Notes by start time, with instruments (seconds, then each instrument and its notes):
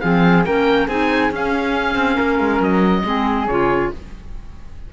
0.00 cello F3, clarinet C4, flute G#4, oboe F5
0.45 cello A#3, clarinet C#4, flute A#4, oboe G5
0.87 cello C4, clarinet D#4, flute G#4, oboe G#5
1.31 cello C#4, clarinet C#4, oboe F5
1.95 cello C4
2.14 cello A#3, flute A#4
2.39 cello G#3
2.60 cello F#3, oboe D#5
3.04 cello G#3, clarinet C4, flute G#4
3.47 cello C#3, clarinet F4, oboe C#5